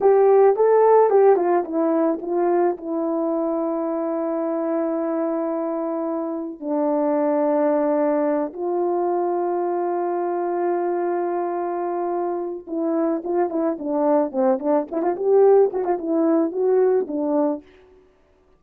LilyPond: \new Staff \with { instrumentName = "horn" } { \time 4/4 \tempo 4 = 109 g'4 a'4 g'8 f'8 e'4 | f'4 e'2.~ | e'1 | d'2.~ d'8 f'8~ |
f'1~ | f'2. e'4 | f'8 e'8 d'4 c'8 d'8 e'16 f'16 g'8~ | g'8 fis'16 f'16 e'4 fis'4 d'4 | }